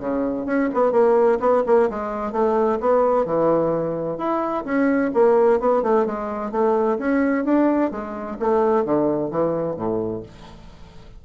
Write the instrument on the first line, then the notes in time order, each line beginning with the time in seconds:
bassoon
0.00 C#3
0.46 C#4
0.74 B3
0.93 A#3
1.40 B3
1.67 A#3
1.90 G#3
2.33 A3
2.81 B3
3.26 E3
4.18 E4
4.65 C#4
5.15 A#3
5.60 B3
5.83 A3
6.07 G#3
6.52 A3
6.99 C#4
7.45 D4
7.92 G#3
8.40 A3
8.85 D3
9.31 E3
9.77 A2